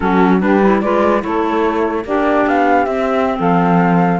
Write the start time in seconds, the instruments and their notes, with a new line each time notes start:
0.00 cello F#3, clarinet C#4, saxophone F#4, flute A4
0.40 cello G3, clarinet D4, saxophone G4, flute B4
0.63 clarinet E4
0.81 cello G#3, clarinet F4, saxophone B4, flute D5
1.20 cello A3, clarinet E4, saxophone A4, flute C#5
2.04 cello A#3, clarinet D4, saxophone G4, flute D5
2.46 cello B3, flute F5
2.85 cello C4, clarinet C4, flute E5
3.38 cello F3, saxophone A4, flute F5